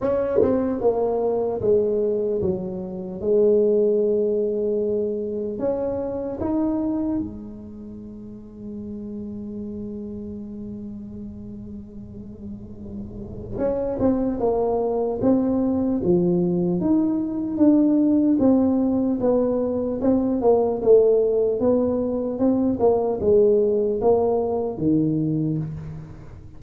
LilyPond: \new Staff \with { instrumentName = "tuba" } { \time 4/4 \tempo 4 = 75 cis'8 c'8 ais4 gis4 fis4 | gis2. cis'4 | dis'4 gis2.~ | gis1~ |
gis4 cis'8 c'8 ais4 c'4 | f4 dis'4 d'4 c'4 | b4 c'8 ais8 a4 b4 | c'8 ais8 gis4 ais4 dis4 | }